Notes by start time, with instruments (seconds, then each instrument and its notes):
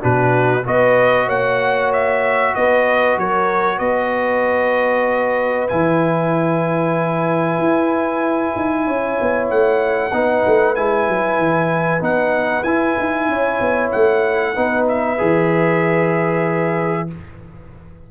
0.00 tuba B2, trombone D4, horn F#4, trumpet B4
0.64 tuba B3, trombone F#4, horn B4, trumpet D#5
1.26 tuba A#3, horn C#5, trumpet F#5
1.92 trumpet E5
2.54 tuba B3, horn B4, trumpet D#5
3.17 tuba F#3, horn A#4, trumpet C#5
3.77 tuba B3, horn B4, trumpet D#5
5.68 tuba E3, trombone E4, trumpet G#5
7.58 tuba E4
8.56 tuba D#4
8.86 tuba C#4, horn C#5
9.20 tuba B3
9.50 tuba A3, trumpet F#5
10.12 tuba B3, trombone D#4, horn B4
10.46 tuba A3
10.75 tuba G#3, trombone E4, trumpet G#5
11.08 tuba F#3
11.38 tuba E3
12.00 tuba B3, trombone D#4, trumpet F#5
12.63 tuba E4, trombone E4, trumpet G#5
12.99 tuba D#4
13.28 tuba C#4, horn C#5
13.60 tuba B3
13.91 tuba A3, trumpet F#5
14.54 tuba B3, trombone D#4, horn B4
14.88 trumpet E5
15.18 tuba E3, trombone G#4